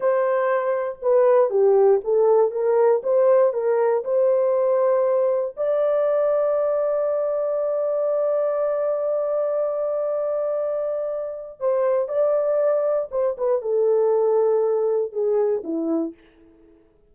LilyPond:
\new Staff \with { instrumentName = "horn" } { \time 4/4 \tempo 4 = 119 c''2 b'4 g'4 | a'4 ais'4 c''4 ais'4 | c''2. d''4~ | d''1~ |
d''1~ | d''2. c''4 | d''2 c''8 b'8 a'4~ | a'2 gis'4 e'4 | }